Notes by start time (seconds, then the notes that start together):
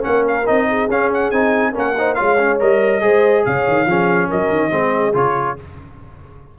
0.00 A#3 C#4 A#4 F#5
0.27 F5
0.46 C4 D#4 D#5
0.68 G#4
0.88 C#4 F5
1.13 F#5
1.30 C4 D#4 G#5
1.70 A#3 C#4 A#4
1.78 F#5
1.98 D#4 C5
2.14 G#3 F4 C#5 F5
2.38 C#4
2.59 G3 A#4 D#5
3.01 G#3 G#4 C5
3.45 C#3 C#5 F5
3.67 D#3
3.85 F3 C#4 G#4
4.28 F#3 A#4 D#5
4.50 D#3
4.70 G#3 C4 G#4
5.13 C#3 F4 C#5